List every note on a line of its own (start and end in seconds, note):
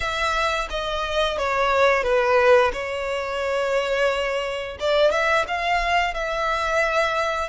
0.00 0.68 E5
0.70 1.38 D#5
1.38 2.03 C#5
2.03 2.71 B4
2.73 4.77 C#5
4.79 5.11 D5
5.11 5.45 E5
5.47 6.14 F5
6.14 7.49 E5